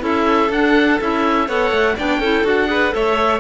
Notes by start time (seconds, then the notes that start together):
0.00 C#4 E4 A4 E5
0.50 D4 F#5
1.01 C#4 E4 E5
1.47 B3 A4 C#5 F#5
1.71 A3
1.97 B3 D4 D5 G5
2.20 C#4 E4 A4
2.44 D4 F#4 F#5
2.67 G#4 B4
2.91 A3 A4 C#5 E5